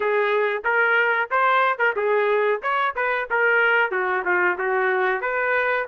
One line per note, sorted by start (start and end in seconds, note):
0.00 0.63 G#4
0.64 1.29 A#4
1.30 1.78 C5
1.78 1.94 A#4
1.96 2.61 G#4
2.62 2.94 C#5
2.95 3.28 B4
3.30 3.91 A#4
3.91 4.23 F#4
4.24 4.57 F4
4.58 5.21 F#4
5.21 5.86 B4